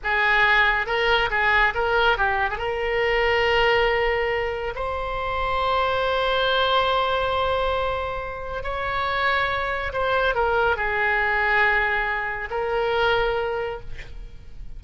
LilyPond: \new Staff \with { instrumentName = "oboe" } { \time 4/4 \tempo 4 = 139 gis'2 ais'4 gis'4 | ais'4 g'8. gis'16 ais'2~ | ais'2. c''4~ | c''1~ |
c''1 | cis''2. c''4 | ais'4 gis'2.~ | gis'4 ais'2. | }